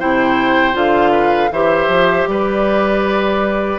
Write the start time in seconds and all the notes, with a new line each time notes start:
0.00 C3 E4 C5 G5
0.73 D3 F4 F5
1.12 B4
1.52 E3 G4 C5 E5
1.89 F3
2.27 G3 B4 D5